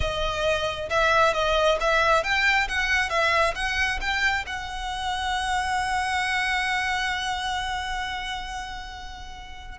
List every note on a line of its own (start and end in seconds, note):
0.00 0.89 D#5
0.89 1.33 E5
1.33 1.78 D#5
1.80 2.23 E5
2.23 2.68 G5
2.68 3.09 F#5
3.09 3.54 E5
3.55 3.99 F#5
4.01 4.45 G5
4.46 9.78 F#5